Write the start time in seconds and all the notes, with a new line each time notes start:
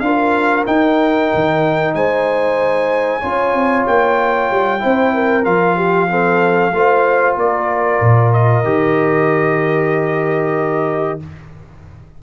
0.00 D4 F4 A#4 F5
0.66 D#4 G5
1.34 D#3
1.94 G#3 C5 G#5
3.20 C#4 F4 C#5
3.54 C4
3.87 A#3 G5
4.51 G3
4.79 C4 E4 C5
5.14 A#4
5.44 F3 F4 F5
5.76 G4
6.09 C4 A4
6.72 A3 F4 C5
7.36 A#3 A#4 D5
8.01 A#2
8.33 D#5
8.64 D#3 G4